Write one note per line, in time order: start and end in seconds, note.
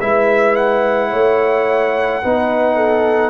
0.00 1.12 G#3
0.00 2.23 E4
0.00 1.10 B4
0.00 0.55 E5
0.55 3.30 F#5
1.10 2.23 A3
1.10 2.21 C#5
2.22 3.30 B3
2.22 3.30 D#4
2.22 2.75 B4
2.75 3.30 A4